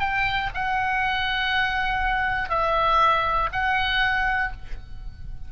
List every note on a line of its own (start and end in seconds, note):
0.00 0.50 G5
0.54 2.49 F#5
2.49 3.49 E5
3.52 4.52 F#5